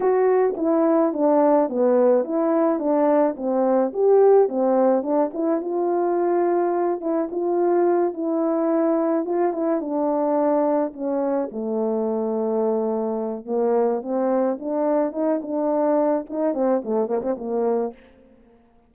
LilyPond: \new Staff \with { instrumentName = "horn" } { \time 4/4 \tempo 4 = 107 fis'4 e'4 d'4 b4 | e'4 d'4 c'4 g'4 | c'4 d'8 e'8 f'2~ | f'8 e'8 f'4. e'4.~ |
e'8 f'8 e'8 d'2 cis'8~ | cis'8 a2.~ a8 | ais4 c'4 d'4 dis'8 d'8~ | d'4 dis'8 c'8 a8 ais16 c'16 ais4 | }